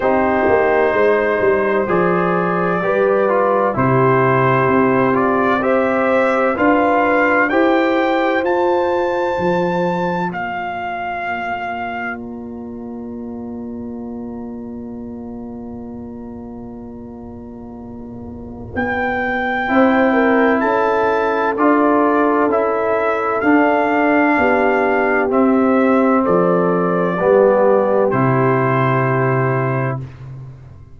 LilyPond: <<
  \new Staff \with { instrumentName = "trumpet" } { \time 4/4 \tempo 4 = 64 c''2 d''2 | c''4. d''8 e''4 f''4 | g''4 a''2 f''4~ | f''4 ais''2.~ |
ais''1 | g''2 a''4 d''4 | e''4 f''2 e''4 | d''2 c''2 | }
  \new Staff \with { instrumentName = "horn" } { \time 4/4 g'4 c''2 b'4 | g'2 c''4 b'4 | c''2. d''4~ | d''1~ |
d''1~ | d''4 c''8 ais'8 a'2~ | a'2 g'2 | a'4 g'2. | }
  \new Staff \with { instrumentName = "trombone" } { \time 4/4 dis'2 gis'4 g'8 f'8 | e'4. f'8 g'4 f'4 | g'4 f'2.~ | f'1~ |
f'1~ | f'4 e'2 f'4 | e'4 d'2 c'4~ | c'4 b4 e'2 | }
  \new Staff \with { instrumentName = "tuba" } { \time 4/4 c'8 ais8 gis8 g8 f4 g4 | c4 c'2 d'4 | e'4 f'4 f4 ais4~ | ais1~ |
ais1 | b4 c'4 cis'4 d'4 | cis'4 d'4 b4 c'4 | f4 g4 c2 | }
>>